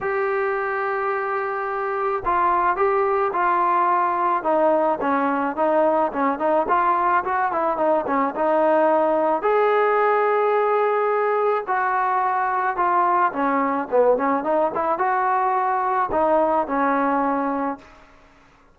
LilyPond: \new Staff \with { instrumentName = "trombone" } { \time 4/4 \tempo 4 = 108 g'1 | f'4 g'4 f'2 | dis'4 cis'4 dis'4 cis'8 dis'8 | f'4 fis'8 e'8 dis'8 cis'8 dis'4~ |
dis'4 gis'2.~ | gis'4 fis'2 f'4 | cis'4 b8 cis'8 dis'8 e'8 fis'4~ | fis'4 dis'4 cis'2 | }